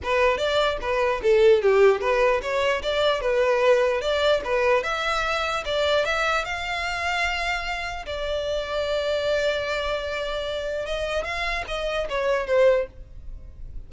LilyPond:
\new Staff \with { instrumentName = "violin" } { \time 4/4 \tempo 4 = 149 b'4 d''4 b'4 a'4 | g'4 b'4 cis''4 d''4 | b'2 d''4 b'4 | e''2 d''4 e''4 |
f''1 | d''1~ | d''2. dis''4 | f''4 dis''4 cis''4 c''4 | }